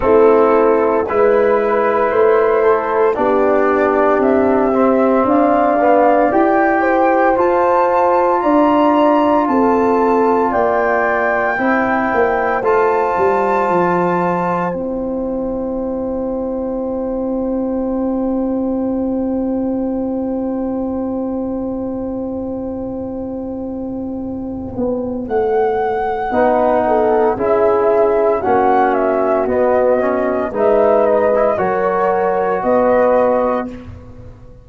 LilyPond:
<<
  \new Staff \with { instrumentName = "flute" } { \time 4/4 \tempo 4 = 57 a'4 b'4 c''4 d''4 | e''4 f''4 g''4 a''4 | ais''4 a''4 g''2 | a''2 g''2~ |
g''1~ | g''1 | fis''2 e''4 fis''8 e''8 | dis''4 e''8 dis''8 cis''4 dis''4 | }
  \new Staff \with { instrumentName = "horn" } { \time 4/4 e'4 b'4. a'8 g'4~ | g'4 d''4. c''4. | d''4 a'4 d''4 c''4~ | c''1~ |
c''1~ | c''1~ | c''4 b'8 a'8 gis'4 fis'4~ | fis'4 b'4 ais'4 b'4 | }
  \new Staff \with { instrumentName = "trombone" } { \time 4/4 c'4 e'2 d'4~ | d'8 c'4 b8 g'4 f'4~ | f'2. e'4 | f'2 e'2~ |
e'1~ | e'1~ | e'4 dis'4 e'4 cis'4 | b8 cis'8 dis'8. e'16 fis'2 | }
  \new Staff \with { instrumentName = "tuba" } { \time 4/4 a4 gis4 a4 b4 | c'4 d'4 e'4 f'4 | d'4 c'4 ais4 c'8 ais8 | a8 g8 f4 c'2~ |
c'1~ | c'2.~ c'8 b8 | a4 b4 cis'4 ais4 | b4 gis4 fis4 b4 | }
>>